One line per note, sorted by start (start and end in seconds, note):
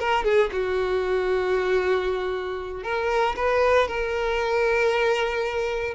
0.00 0.25 A#4
0.25 0.51 G#4
0.53 2.84 F#4
2.84 3.36 A#4
3.37 3.88 B4
3.88 5.95 A#4